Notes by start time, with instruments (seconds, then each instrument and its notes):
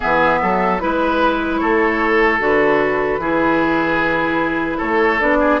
0.00 bassoon E3, clarinet B3, oboe G#4, flute E5
0.42 bassoon F#3, oboe A4
0.79 bassoon G#3, clarinet E4, flute B4, oboe B4
1.57 bassoon A3, oboe A4, flute C#5
2.39 bassoon D3, clarinet F#4, flute B4
3.18 bassoon E3, clarinet E4, oboe G#4
4.77 bassoon A3, oboe A4, flute C#5
5.20 bassoon B3, clarinet D4, flute D5
5.40 oboe G#4